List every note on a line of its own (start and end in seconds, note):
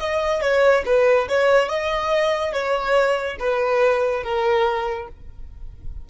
0.00 0.42 D#5
0.42 0.84 C#5
0.86 1.28 B4
1.29 1.69 C#5
1.69 2.53 D#5
2.53 3.38 C#5
3.40 4.24 B4
4.24 5.08 A#4